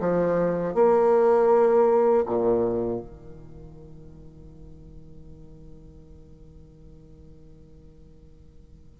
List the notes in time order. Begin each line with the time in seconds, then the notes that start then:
0.00 F3
0.74 A#3
2.26 A#2
3.00 D#3